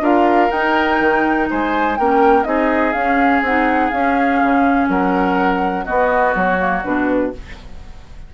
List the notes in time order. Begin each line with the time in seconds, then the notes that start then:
0.00 D4 F4 A#4 F5
0.50 D#4 G5
1.00 D#3
1.50 G#3 C5 G#5
1.96 A#3 C#4 A#4 G5
2.43 C4 D#4 G#4 D#5
2.92 C#4 F5
3.42 C4 D#4 F#5
3.90 C#4 F5
4.42 C#3
4.88 F#3 A#4 F#5
5.85 B3 F#4 D#5
6.35 F#3 C#5
6.57 A#3
6.84 B2 D4 B4